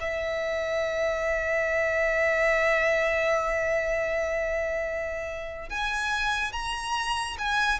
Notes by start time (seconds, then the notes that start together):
0.00 E5
5.70 G#5
6.53 A#5
7.38 G#5